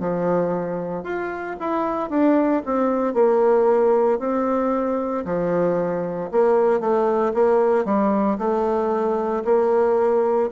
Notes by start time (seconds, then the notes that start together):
0.00 F3
1.04 F4
1.60 E4
2.10 D4
2.66 C4
3.14 A#3
4.20 C4
5.25 F3
6.32 A#3
6.80 A3
7.34 A#3
7.85 G3
8.38 A3
9.45 A#3